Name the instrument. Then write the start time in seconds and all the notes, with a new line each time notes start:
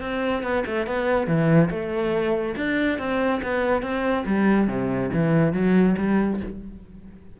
cello
0.00 C4
0.43 B3
0.66 A3
0.86 B3
1.27 E3
1.70 A3
2.56 D4
2.98 C4
3.42 B3
3.82 C4
4.26 G3
4.67 C3
5.13 E3
5.53 F#3
5.97 G3